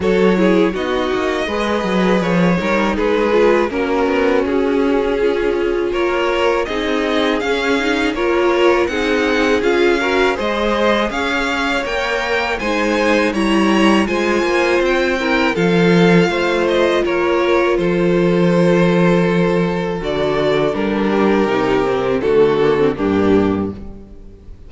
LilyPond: <<
  \new Staff \with { instrumentName = "violin" } { \time 4/4 \tempo 4 = 81 cis''4 dis''2 cis''4 | b'4 ais'4 gis'2 | cis''4 dis''4 f''4 cis''4 | fis''4 f''4 dis''4 f''4 |
g''4 gis''4 ais''4 gis''4 | g''4 f''4. dis''8 cis''4 | c''2. d''4 | ais'2 a'4 g'4 | }
  \new Staff \with { instrumentName = "violin" } { \time 4/4 a'8 gis'8 fis'4 b'4. ais'8 | gis'4 cis'2. | ais'4 gis'2 ais'4 | gis'4. ais'8 c''4 cis''4~ |
cis''4 c''4 cis''4 c''4~ | c''8 ais'8 a'4 c''4 ais'4 | a'1~ | a'8 g'4. fis'4 d'4 | }
  \new Staff \with { instrumentName = "viola" } { \time 4/4 fis'8 e'8 dis'4 gis'4. dis'8~ | dis'8 f'8 fis'2 f'4~ | f'4 dis'4 cis'8 dis'8 f'4 | dis'4 f'8 fis'8 gis'2 |
ais'4 dis'4 e'4 f'4~ | f'8 e'8 f'2.~ | f'2. fis'4 | d'4 dis'8 c'8 a8 ais16 c'16 ais4 | }
  \new Staff \with { instrumentName = "cello" } { \time 4/4 fis4 b8 ais8 gis8 fis8 f8 g8 | gis4 ais8 b8 cis'2 | ais4 c'4 cis'4 ais4 | c'4 cis'4 gis4 cis'4 |
ais4 gis4 g4 gis8 ais8 | c'4 f4 a4 ais4 | f2. d4 | g4 c4 d4 g,4 | }
>>